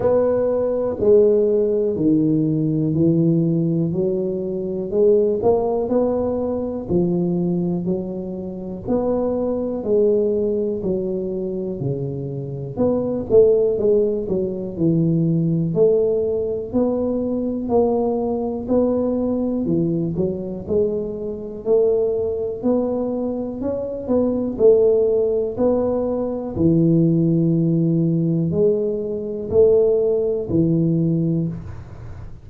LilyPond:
\new Staff \with { instrumentName = "tuba" } { \time 4/4 \tempo 4 = 61 b4 gis4 dis4 e4 | fis4 gis8 ais8 b4 f4 | fis4 b4 gis4 fis4 | cis4 b8 a8 gis8 fis8 e4 |
a4 b4 ais4 b4 | e8 fis8 gis4 a4 b4 | cis'8 b8 a4 b4 e4~ | e4 gis4 a4 e4 | }